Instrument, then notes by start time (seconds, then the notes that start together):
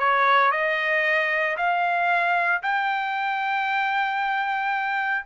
trumpet
0.00 C#5
0.52 D#5
1.57 F5
2.63 G5